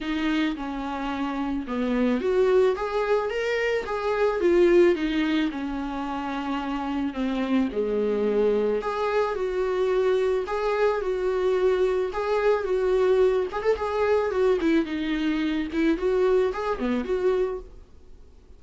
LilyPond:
\new Staff \with { instrumentName = "viola" } { \time 4/4 \tempo 4 = 109 dis'4 cis'2 b4 | fis'4 gis'4 ais'4 gis'4 | f'4 dis'4 cis'2~ | cis'4 c'4 gis2 |
gis'4 fis'2 gis'4 | fis'2 gis'4 fis'4~ | fis'8 gis'16 a'16 gis'4 fis'8 e'8 dis'4~ | dis'8 e'8 fis'4 gis'8 b8 fis'4 | }